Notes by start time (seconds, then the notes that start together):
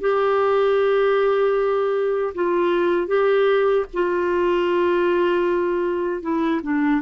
0.00 G4
2.34 F4
3.07 G4
3.93 F4
6.22 E4
6.63 D4